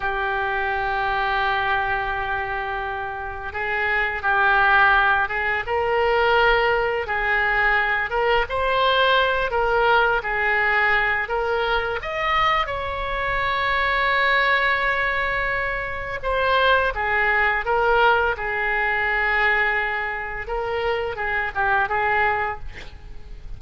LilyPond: \new Staff \with { instrumentName = "oboe" } { \time 4/4 \tempo 4 = 85 g'1~ | g'4 gis'4 g'4. gis'8 | ais'2 gis'4. ais'8 | c''4. ais'4 gis'4. |
ais'4 dis''4 cis''2~ | cis''2. c''4 | gis'4 ais'4 gis'2~ | gis'4 ais'4 gis'8 g'8 gis'4 | }